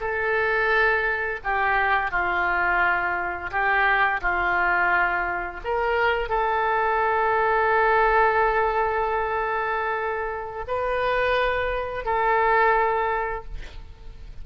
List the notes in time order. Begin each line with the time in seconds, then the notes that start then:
0.00 A4
1.44 G4
2.11 F4
3.50 G4
4.21 F4
5.64 A#4
6.29 A4
10.67 B4
12.05 A4